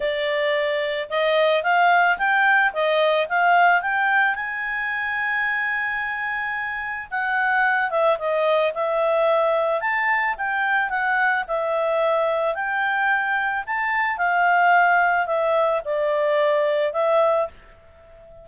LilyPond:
\new Staff \with { instrumentName = "clarinet" } { \time 4/4 \tempo 4 = 110 d''2 dis''4 f''4 | g''4 dis''4 f''4 g''4 | gis''1~ | gis''4 fis''4. e''8 dis''4 |
e''2 a''4 g''4 | fis''4 e''2 g''4~ | g''4 a''4 f''2 | e''4 d''2 e''4 | }